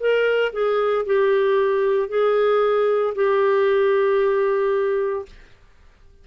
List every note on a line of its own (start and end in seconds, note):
0.00 0.53 A#4
0.53 1.06 G#4
1.06 2.09 G4
2.09 3.14 G#4
3.15 5.26 G4